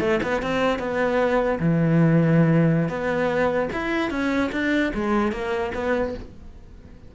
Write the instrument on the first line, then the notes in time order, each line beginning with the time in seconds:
cello
0.00 A3
0.23 B3
0.42 C4
0.79 B3
1.60 E3
2.89 B3
3.73 E4
4.11 C#4
4.52 D4
4.95 G#3
5.32 A#3
5.75 B3